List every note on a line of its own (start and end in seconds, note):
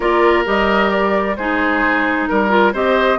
0.00 0.45 A#3
0.00 0.44 F4
0.00 1.36 A#4
0.00 0.44 D5
0.44 1.37 G3
0.44 1.35 G4
0.44 0.90 D#5
0.90 1.35 D5
1.36 2.28 G#3
1.36 2.49 D#4
1.36 2.29 G#4
1.36 2.27 C5
2.27 2.73 G3
2.27 2.72 A#4
2.27 2.73 A#4
2.49 2.71 F4
2.73 3.18 C4
2.73 3.18 G4
2.73 3.18 C5
2.73 3.18 D#5